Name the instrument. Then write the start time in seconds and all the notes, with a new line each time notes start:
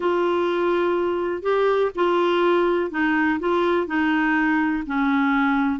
clarinet
0.00 F4
1.42 G4
1.95 F4
2.91 D#4
3.39 F4
3.86 D#4
4.86 C#4